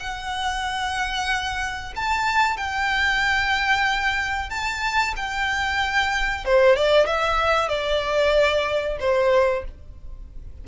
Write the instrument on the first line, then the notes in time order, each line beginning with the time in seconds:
violin
0.00 F#5
1.96 A5
2.57 G5
4.50 A5
5.16 G5
6.45 C5
6.77 D5
7.07 E5
7.69 D5
9.00 C5